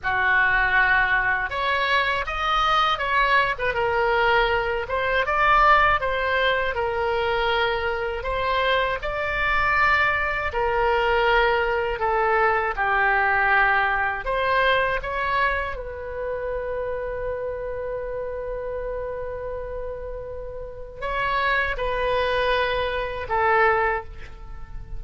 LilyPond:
\new Staff \with { instrumentName = "oboe" } { \time 4/4 \tempo 4 = 80 fis'2 cis''4 dis''4 | cis''8. b'16 ais'4. c''8 d''4 | c''4 ais'2 c''4 | d''2 ais'2 |
a'4 g'2 c''4 | cis''4 b'2.~ | b'1 | cis''4 b'2 a'4 | }